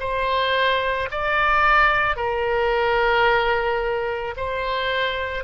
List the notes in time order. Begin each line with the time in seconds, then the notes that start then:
0.00 C5
1.12 D5
2.17 A#4
4.37 C5